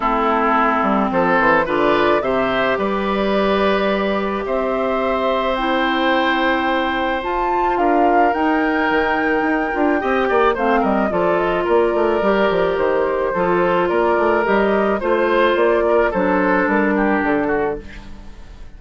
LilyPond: <<
  \new Staff \with { instrumentName = "flute" } { \time 4/4 \tempo 4 = 108 a'2 c''4 d''4 | e''4 d''2. | e''2 g''2~ | g''4 a''4 f''4 g''4~ |
g''2. f''8 dis''8 | d''8 dis''8 d''2 c''4~ | c''4 d''4 dis''4 c''4 | d''4 c''4 ais'4 a'4 | }
  \new Staff \with { instrumentName = "oboe" } { \time 4/4 e'2 a'4 b'4 | c''4 b'2. | c''1~ | c''2 ais'2~ |
ais'2 dis''8 d''8 c''8 ais'8 | a'4 ais'2. | a'4 ais'2 c''4~ | c''8 ais'8 a'4. g'4 fis'8 | }
  \new Staff \with { instrumentName = "clarinet" } { \time 4/4 c'2. f'4 | g'1~ | g'2 e'2~ | e'4 f'2 dis'4~ |
dis'4. f'8 g'4 c'4 | f'2 g'2 | f'2 g'4 f'4~ | f'4 d'2. | }
  \new Staff \with { instrumentName = "bassoon" } { \time 4/4 a4. g8 f8 e8 d4 | c4 g2. | c'1~ | c'4 f'4 d'4 dis'4 |
dis4 dis'8 d'8 c'8 ais8 a8 g8 | f4 ais8 a8 g8 f8 dis4 | f4 ais8 a8 g4 a4 | ais4 fis4 g4 d4 | }
>>